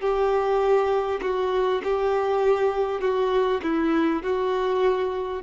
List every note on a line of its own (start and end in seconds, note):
0.00 1.20 G4
1.22 1.82 F#4
1.83 3.01 G4
3.01 3.61 F#4
3.62 4.22 E4
4.23 5.43 F#4